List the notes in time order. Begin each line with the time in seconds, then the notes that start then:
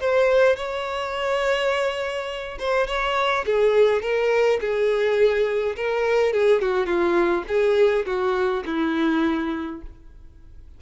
0.00 C5
0.56 C#5
2.59 C5
2.87 C#5
3.46 G#4
4.02 A#4
4.60 G#4
5.76 A#4
6.33 G#4
6.61 F#4
6.86 F4
7.48 G#4
8.06 F#4
8.66 E4